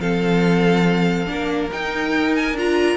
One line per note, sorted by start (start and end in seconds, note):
0.00 1.27 F3
0.00 1.26 C4
0.00 1.30 A4
0.00 1.71 F5
1.26 1.70 A#3
1.26 1.69 D4
1.26 2.98 A#4
1.72 2.58 D#4
1.72 2.54 D#4
1.72 2.36 G5
2.36 2.57 G#5
2.54 2.96 D4
2.54 2.98 F4
2.54 2.98 A#5